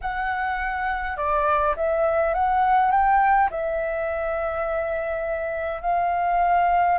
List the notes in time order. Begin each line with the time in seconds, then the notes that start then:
0.01 F#5
1.17 D5
1.76 E5
2.34 F#5
2.91 G5
3.50 E5
5.81 F5